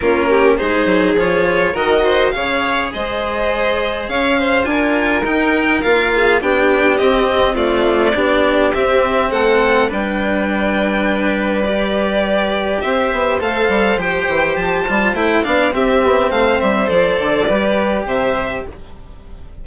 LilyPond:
<<
  \new Staff \with { instrumentName = "violin" } { \time 4/4 \tempo 4 = 103 ais'4 c''4 cis''4 dis''4 | f''4 dis''2 f''4 | gis''4 g''4 f''4 g''4 | dis''4 d''2 e''4 |
fis''4 g''2. | d''2 e''4 f''4 | g''4 a''4 g''8 f''8 e''4 | f''8 e''8 d''2 e''4 | }
  \new Staff \with { instrumentName = "violin" } { \time 4/4 f'8 g'8 gis'2 ais'8 c''8 | cis''4 c''2 cis''8 c''8 | ais'2~ ais'8 gis'8 g'4~ | g'4 f'4 g'2 |
a'4 b'2.~ | b'2 c''2~ | c''2~ c''8 d''8 g'4 | c''2 b'4 c''4 | }
  \new Staff \with { instrumentName = "cello" } { \time 4/4 cis'4 dis'4 f'4 fis'4 | gis'1 | f'4 dis'4 f'4 d'4 | c'4 a4 d'4 c'4~ |
c'4 d'2. | g'2. a'4 | g'4. f'8 e'8 d'8 c'4~ | c'4 a'4 g'2 | }
  \new Staff \with { instrumentName = "bassoon" } { \time 4/4 ais4 gis8 fis8 f4 dis4 | cis4 gis2 cis'4 | d'4 dis'4 ais4 b4 | c'2 b4 c'4 |
a4 g2.~ | g2 c'8 b8 a8 g8 | f8 e8 f8 g8 a8 b8 c'8 b8 | a8 g8 f8 d8 g4 c4 | }
>>